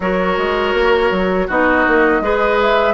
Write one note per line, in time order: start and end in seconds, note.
0.00 0.37 F#3
0.00 1.49 F#4
0.00 1.47 A#4
0.00 1.48 C#5
0.37 0.73 G#3
0.73 1.10 A#3
1.11 1.48 F#3
1.47 1.86 B3
1.47 2.22 D#4
1.47 2.21 F#4
1.47 2.60 D#5
1.87 2.20 A#3
2.20 2.94 G#3
2.20 2.94 G#4
2.20 2.94 B4
2.61 2.94 E5